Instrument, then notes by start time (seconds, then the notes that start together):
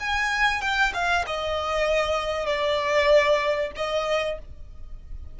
violin
0.00 G#5
0.61 G5
0.94 F5
1.27 D#5
2.47 D5
3.76 D#5